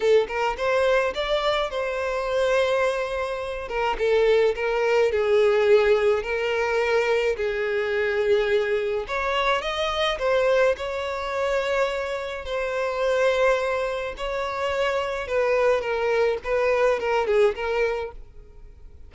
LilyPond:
\new Staff \with { instrumentName = "violin" } { \time 4/4 \tempo 4 = 106 a'8 ais'8 c''4 d''4 c''4~ | c''2~ c''8 ais'8 a'4 | ais'4 gis'2 ais'4~ | ais'4 gis'2. |
cis''4 dis''4 c''4 cis''4~ | cis''2 c''2~ | c''4 cis''2 b'4 | ais'4 b'4 ais'8 gis'8 ais'4 | }